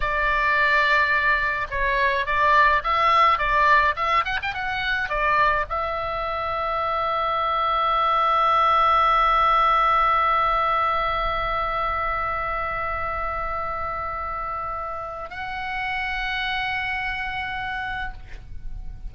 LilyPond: \new Staff \with { instrumentName = "oboe" } { \time 4/4 \tempo 4 = 106 d''2. cis''4 | d''4 e''4 d''4 e''8 fis''16 g''16 | fis''4 d''4 e''2~ | e''1~ |
e''1~ | e''1~ | e''2. fis''4~ | fis''1 | }